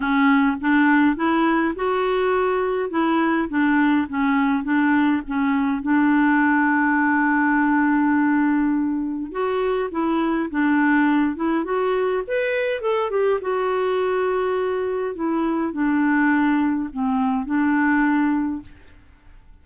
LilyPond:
\new Staff \with { instrumentName = "clarinet" } { \time 4/4 \tempo 4 = 103 cis'4 d'4 e'4 fis'4~ | fis'4 e'4 d'4 cis'4 | d'4 cis'4 d'2~ | d'1 |
fis'4 e'4 d'4. e'8 | fis'4 b'4 a'8 g'8 fis'4~ | fis'2 e'4 d'4~ | d'4 c'4 d'2 | }